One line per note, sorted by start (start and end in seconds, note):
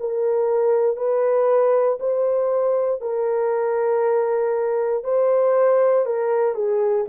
0.00 0.97 A#4
0.97 1.98 B4
2.00 3.01 C5
3.01 5.04 A#4
5.04 6.06 C5
6.06 6.55 A#4
6.55 7.06 G#4